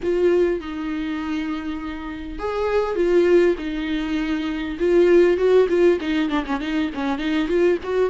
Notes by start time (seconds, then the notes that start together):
0.02 F4
0.60 D#4
2.38 G#4
2.95 F4
3.58 D#4
4.79 F4
5.37 F#4
5.68 F4
6.01 D#4
6.29 D4
6.46 C#4
6.60 D#4
6.94 C#4
7.18 D#4
7.48 F4
7.83 F#4